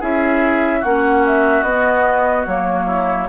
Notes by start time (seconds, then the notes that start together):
0.00 C#4 E4 G#4 E5
0.80 A#3 C#4 F#4 F#5
1.26 E5
1.62 B3 D#5
2.47 F#3 A#3 C#5
2.86 E4